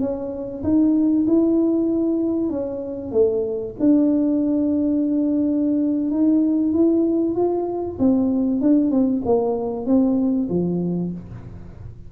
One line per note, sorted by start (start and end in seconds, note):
0.00 0.62 C#4
0.63 1.26 D#4
1.27 2.49 E4
2.49 3.12 C#4
3.12 3.74 A3
3.79 6.10 D4
6.10 6.72 D#4
6.73 7.35 E4
7.35 7.97 F4
7.99 8.61 C4
8.61 8.91 D4
8.91 9.22 C4
9.25 9.86 A#3
9.86 10.48 C4
10.49 11.12 F3